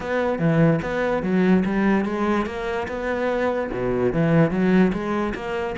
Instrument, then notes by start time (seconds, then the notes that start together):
cello
0.00 B3
0.38 E3
0.81 B3
1.22 F#3
1.65 G3
2.05 G#3
2.46 A#3
2.88 B3
3.72 B2
4.12 E3
4.50 F#3
4.92 G#3
5.34 A#3